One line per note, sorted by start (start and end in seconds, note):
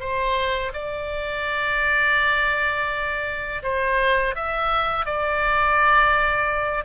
0.00 0.72 C5
0.73 3.62 D5
3.63 4.35 C5
4.35 5.05 E5
5.05 6.84 D5